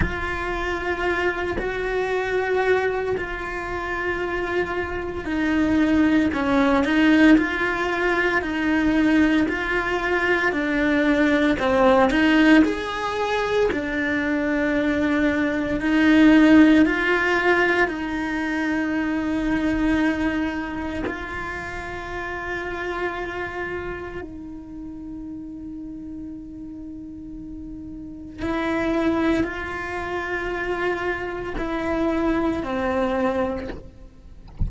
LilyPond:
\new Staff \with { instrumentName = "cello" } { \time 4/4 \tempo 4 = 57 f'4. fis'4. f'4~ | f'4 dis'4 cis'8 dis'8 f'4 | dis'4 f'4 d'4 c'8 dis'8 | gis'4 d'2 dis'4 |
f'4 dis'2. | f'2. dis'4~ | dis'2. e'4 | f'2 e'4 c'4 | }